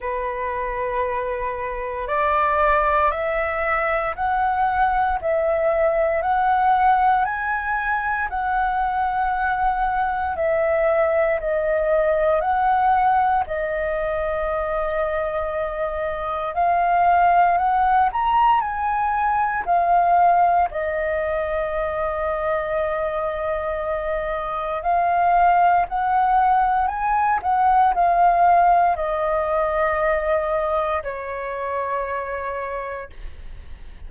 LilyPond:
\new Staff \with { instrumentName = "flute" } { \time 4/4 \tempo 4 = 58 b'2 d''4 e''4 | fis''4 e''4 fis''4 gis''4 | fis''2 e''4 dis''4 | fis''4 dis''2. |
f''4 fis''8 ais''8 gis''4 f''4 | dis''1 | f''4 fis''4 gis''8 fis''8 f''4 | dis''2 cis''2 | }